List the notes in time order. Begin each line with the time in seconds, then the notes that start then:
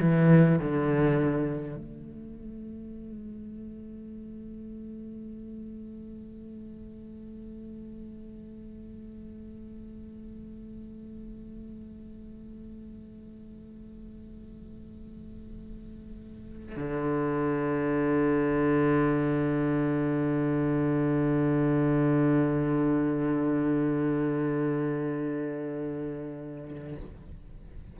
0.00 E3
0.59 D3
1.76 A3
16.76 D3